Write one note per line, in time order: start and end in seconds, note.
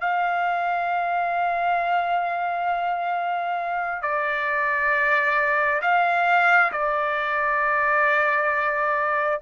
0.00 4.02 F5
4.02 5.81 D5
5.82 6.71 F5
6.72 9.40 D5